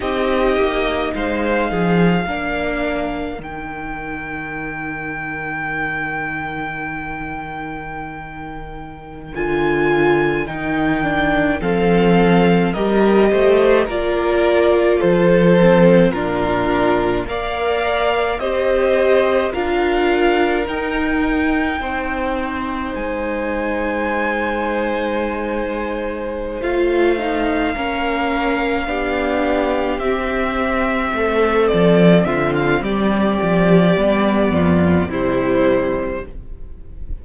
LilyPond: <<
  \new Staff \with { instrumentName = "violin" } { \time 4/4 \tempo 4 = 53 dis''4 f''2 g''4~ | g''1~ | g''16 gis''4 g''4 f''4 dis''8.~ | dis''16 d''4 c''4 ais'4 f''8.~ |
f''16 dis''4 f''4 g''4.~ g''16~ | g''16 gis''2.~ gis''16 f''8~ | f''2~ f''8 e''4. | d''8 e''16 f''16 d''2 c''4 | }
  \new Staff \with { instrumentName = "violin" } { \time 4/4 g'4 c''8 gis'8 ais'2~ | ais'1~ | ais'2~ ais'16 a'4 ais'8 c''16~ | c''16 ais'4 a'4 f'4 d''8.~ |
d''16 c''4 ais'2 c''8.~ | c''1~ | c''8 ais'4 g'2 a'8~ | a'8 f'8 g'4. f'8 e'4 | }
  \new Staff \with { instrumentName = "viola" } { \time 4/4 dis'2 d'4 dis'4~ | dis'1~ | dis'16 f'4 dis'8 d'8 c'4 g'8.~ | g'16 f'4. c'8 d'4 ais'8.~ |
ais'16 g'4 f'4 dis'4.~ dis'16~ | dis'2.~ dis'8 f'8 | dis'8 cis'4 d'4 c'4.~ | c'2 b4 g4 | }
  \new Staff \with { instrumentName = "cello" } { \time 4/4 c'8 ais8 gis8 f8 ais4 dis4~ | dis1~ | dis16 d4 dis4 f4 g8 a16~ | a16 ais4 f4 ais,4 ais8.~ |
ais16 c'4 d'4 dis'4 c'8.~ | c'16 gis2.~ gis16 a8~ | a8 ais4 b4 c'4 a8 | f8 d8 g8 f8 g8 f,8 c4 | }
>>